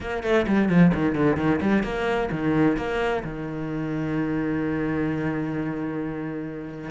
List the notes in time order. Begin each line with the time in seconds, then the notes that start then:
0.01 A#3
0.23 A3
0.47 G3
0.68 F3
0.94 D#3
1.15 D3
1.36 D#3
1.61 G3
1.83 A#3
2.31 D#3
2.77 A#3
3.23 D#3